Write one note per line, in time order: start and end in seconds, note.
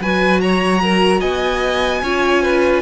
0.00 1.21 F#3
0.00 2.04 F#4
0.00 0.41 B4
0.00 0.40 G#5
0.40 0.82 C#5
0.40 1.21 A#5
0.83 1.20 A#4
1.20 2.02 B3
1.20 2.01 D#5
1.20 2.81 G#5
2.02 2.81 C#4
2.02 2.81 F4
2.02 2.42 C#5
2.42 2.81 B4